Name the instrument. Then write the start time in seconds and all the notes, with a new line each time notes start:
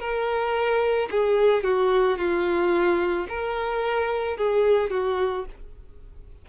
violin
0.00 A#4
1.11 G#4
1.64 F#4
2.18 F4
3.29 A#4
4.37 G#4
4.91 F#4